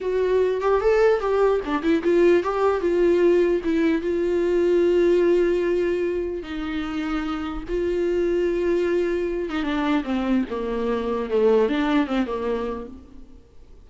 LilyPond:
\new Staff \with { instrumentName = "viola" } { \time 4/4 \tempo 4 = 149 fis'4. g'8 a'4 g'4 | d'8 e'8 f'4 g'4 f'4~ | f'4 e'4 f'2~ | f'1 |
dis'2. f'4~ | f'2.~ f'8 dis'8 | d'4 c'4 ais2 | a4 d'4 c'8 ais4. | }